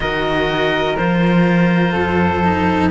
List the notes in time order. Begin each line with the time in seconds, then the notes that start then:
0.00 D#3 F#4 A#4 D#5
0.96 F3 F4 C5
1.92 F2 A4
2.43 D#4